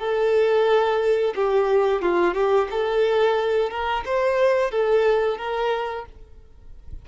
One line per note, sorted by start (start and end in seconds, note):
0.00 1.35 A4
1.36 2.02 G4
2.02 2.35 F4
2.35 2.68 G4
2.71 3.70 A4
3.70 4.04 A#4
4.06 4.71 C5
4.71 5.38 A4
5.38 6.06 A#4